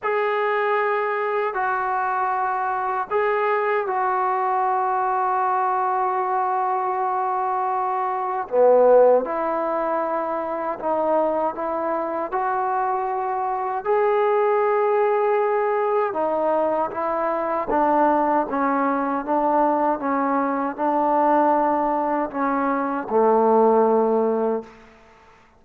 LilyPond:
\new Staff \with { instrumentName = "trombone" } { \time 4/4 \tempo 4 = 78 gis'2 fis'2 | gis'4 fis'2.~ | fis'2. b4 | e'2 dis'4 e'4 |
fis'2 gis'2~ | gis'4 dis'4 e'4 d'4 | cis'4 d'4 cis'4 d'4~ | d'4 cis'4 a2 | }